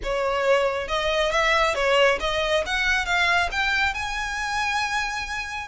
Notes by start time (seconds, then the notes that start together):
0.03 C#5
0.88 D#5
1.31 E5
1.74 C#5
2.20 D#5
2.66 F#5
3.05 F5
3.51 G5
3.94 G#5